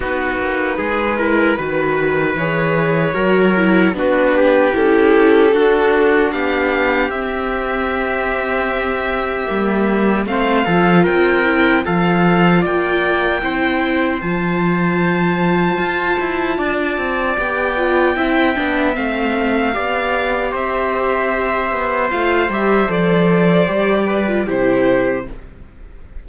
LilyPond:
<<
  \new Staff \with { instrumentName = "violin" } { \time 4/4 \tempo 4 = 76 b'2. cis''4~ | cis''4 b'4 a'2 | f''4 e''2.~ | e''4 f''4 g''4 f''4 |
g''2 a''2~ | a''2 g''2 | f''2 e''2 | f''8 e''8 d''2 c''4 | }
  \new Staff \with { instrumentName = "trumpet" } { \time 4/4 fis'4 gis'8 ais'8 b'2 | ais'4 fis'8 g'4. fis'4 | g'1~ | g'4 c''8 a'8 ais'4 a'4 |
d''4 c''2.~ | c''4 d''2 e''4~ | e''4 d''4 c''2~ | c''2~ c''8 b'8 g'4 | }
  \new Staff \with { instrumentName = "viola" } { \time 4/4 dis'4. e'8 fis'4 gis'4 | fis'8 e'8 d'4 e'4 d'4~ | d'4 c'2. | ais4 c'8 f'4 e'8 f'4~ |
f'4 e'4 f'2~ | f'2 g'8 f'8 e'8 d'8 | c'4 g'2. | f'8 g'8 a'4 g'8. f'16 e'4 | }
  \new Staff \with { instrumentName = "cello" } { \time 4/4 b8 ais8 gis4 dis4 e4 | fis4 b4 cis'4 d'4 | b4 c'2. | g4 a8 f8 c'4 f4 |
ais4 c'4 f2 | f'8 e'8 d'8 c'8 b4 c'8 b8 | a4 b4 c'4. b8 | a8 g8 f4 g4 c4 | }
>>